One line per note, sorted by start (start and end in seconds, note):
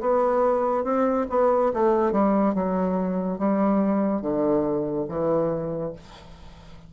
0.00 0.84 B3
0.84 1.26 C4
1.29 1.72 B3
1.73 2.12 A3
2.12 2.54 G3
2.54 3.38 F#3
3.38 4.21 G3
4.21 5.06 D3
5.08 5.93 E3